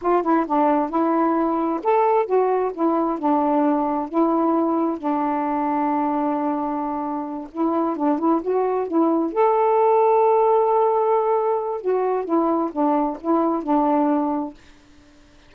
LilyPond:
\new Staff \with { instrumentName = "saxophone" } { \time 4/4 \tempo 4 = 132 f'8 e'8 d'4 e'2 | a'4 fis'4 e'4 d'4~ | d'4 e'2 d'4~ | d'1~ |
d'8 e'4 d'8 e'8 fis'4 e'8~ | e'8 a'2.~ a'8~ | a'2 fis'4 e'4 | d'4 e'4 d'2 | }